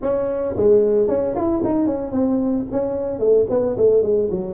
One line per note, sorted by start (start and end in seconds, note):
0.01 0.55 C#4
0.56 1.08 G#3
1.08 1.34 C#4
1.35 1.62 E4
1.64 1.86 D#4
1.86 2.11 C#4
2.11 2.65 C4
2.71 3.19 C#4
3.19 3.46 A3
3.49 3.76 B3
3.76 4.02 A3
4.02 4.29 G#3
4.30 4.54 F#3